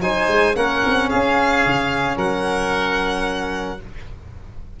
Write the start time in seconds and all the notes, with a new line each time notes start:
0.00 F#3 D#4 C5 G#5
0.27 G#3
0.54 A#3 C#4 A#4 F#5
0.85 C4
1.09 C#4 G#4 F5
1.65 C#3
2.16 F#3 A#4 F#5